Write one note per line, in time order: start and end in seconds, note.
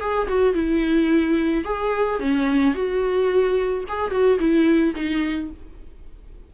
0.00 0.28 G#4
0.28 0.54 F#4
0.54 1.64 E4
1.65 2.20 G#4
2.20 2.74 C#4
2.74 3.85 F#4
3.88 4.11 G#4
4.11 4.38 F#4
4.39 4.94 E4
4.95 5.50 D#4